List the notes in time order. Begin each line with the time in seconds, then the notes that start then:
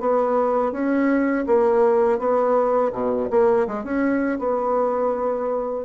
0.00 B3
0.72 C#4
1.46 A#3
2.19 B3
2.92 B2
3.30 A#3
3.67 G#3
3.84 C#4
4.39 B3